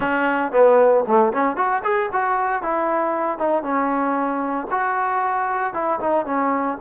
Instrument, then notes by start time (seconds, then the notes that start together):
trombone
0.00 C#4
0.52 B3
1.07 A3
1.32 C#4
1.56 F#4
1.83 G#4
2.12 F#4
2.62 E4
3.38 D#4
3.62 C#4
4.70 F#4
5.73 E4
6.00 D#4
6.25 C#4